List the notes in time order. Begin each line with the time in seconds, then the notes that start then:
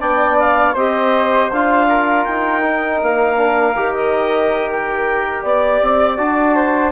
0.00 B3 D4 D5 G5
0.39 F5
0.73 C4 G4 C5 D#5
1.51 D4 F4 F5
1.88 A#4
2.25 D#4 G5
2.62 D#4
3.02 A#3 F5
3.36 D4
3.76 D#3 G4
3.94 D#5
4.71 G5
5.43 B3 D5
5.83 C4
6.17 D4 F#4 A5
6.55 C5